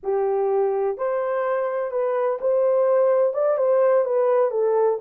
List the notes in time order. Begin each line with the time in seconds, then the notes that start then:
0.03 G4
0.97 C5
1.91 B4
2.40 C5
3.33 D5
3.57 C5
4.05 B4
4.51 A4